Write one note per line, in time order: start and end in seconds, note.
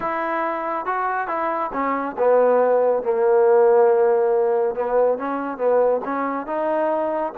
0.00 0.85 E4
0.85 1.27 F#4
1.27 1.70 E4
1.73 2.16 C#4
2.18 3.03 B3
3.03 4.75 A#3
4.75 5.18 B3
5.18 5.57 C#4
5.57 6.00 B3
6.05 6.46 C#4
6.46 7.32 D#4